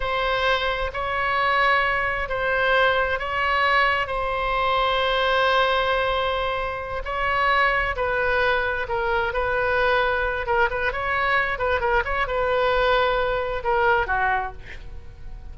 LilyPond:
\new Staff \with { instrumentName = "oboe" } { \time 4/4 \tempo 4 = 132 c''2 cis''2~ | cis''4 c''2 cis''4~ | cis''4 c''2.~ | c''2.~ c''8 cis''8~ |
cis''4. b'2 ais'8~ | ais'8 b'2~ b'8 ais'8 b'8 | cis''4. b'8 ais'8 cis''8 b'4~ | b'2 ais'4 fis'4 | }